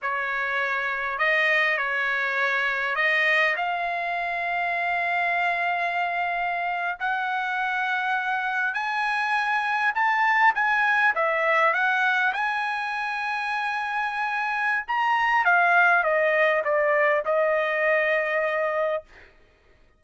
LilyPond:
\new Staff \with { instrumentName = "trumpet" } { \time 4/4 \tempo 4 = 101 cis''2 dis''4 cis''4~ | cis''4 dis''4 f''2~ | f''2.~ f''8. fis''16~ | fis''2~ fis''8. gis''4~ gis''16~ |
gis''8. a''4 gis''4 e''4 fis''16~ | fis''8. gis''2.~ gis''16~ | gis''4 ais''4 f''4 dis''4 | d''4 dis''2. | }